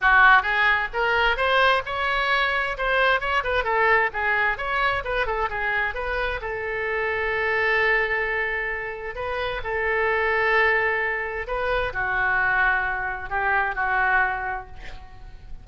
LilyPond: \new Staff \with { instrumentName = "oboe" } { \time 4/4 \tempo 4 = 131 fis'4 gis'4 ais'4 c''4 | cis''2 c''4 cis''8 b'8 | a'4 gis'4 cis''4 b'8 a'8 | gis'4 b'4 a'2~ |
a'1 | b'4 a'2.~ | a'4 b'4 fis'2~ | fis'4 g'4 fis'2 | }